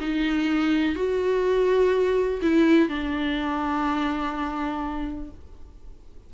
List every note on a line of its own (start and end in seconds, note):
0.00 0.95 D#4
0.95 2.40 F#4
2.42 2.89 E4
2.89 5.30 D4